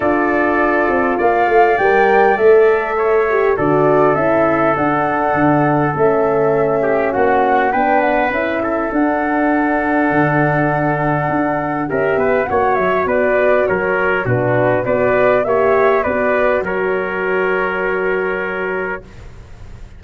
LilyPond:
<<
  \new Staff \with { instrumentName = "flute" } { \time 4/4 \tempo 4 = 101 d''2 f''4 g''4 | e''2 d''4 e''4 | fis''2 e''2 | fis''4 g''8 fis''8 e''4 fis''4~ |
fis''1 | e''4 fis''8 e''8 d''4 cis''4 | b'4 d''4 e''4 d''4 | cis''1 | }
  \new Staff \with { instrumentName = "trumpet" } { \time 4/4 a'2 d''2~ | d''4 cis''4 a'2~ | a'2.~ a'8 g'8 | fis'4 b'4. a'4.~ |
a'1 | ais'8 b'8 cis''4 b'4 ais'4 | fis'4 b'4 cis''4 b'4 | ais'1 | }
  \new Staff \with { instrumentName = "horn" } { \time 4/4 f'2. ais'4 | a'4. g'8 fis'4 e'4 | d'2 cis'2~ | cis'4 d'4 e'4 d'4~ |
d'1 | g'4 fis'2. | d'4 fis'4 g'4 fis'4~ | fis'1 | }
  \new Staff \with { instrumentName = "tuba" } { \time 4/4 d'4. c'8 ais8 a8 g4 | a2 d4 cis'4 | d'4 d4 a2 | ais4 b4 cis'4 d'4~ |
d'4 d2 d'4 | cis'8 b8 ais8 fis8 b4 fis4 | b,4 b4 ais4 b4 | fis1 | }
>>